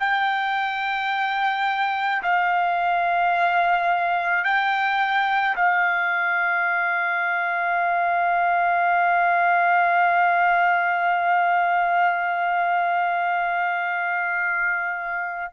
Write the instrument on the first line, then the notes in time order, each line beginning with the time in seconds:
trumpet
0.00 G5
2.23 F5
4.44 G5
5.56 F5